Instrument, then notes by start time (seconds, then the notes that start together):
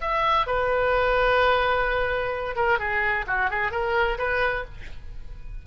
oboe
0.00 E5
0.46 B4
2.56 A#4
2.79 G#4
3.27 F#4
3.50 G#4
3.71 A#4
4.18 B4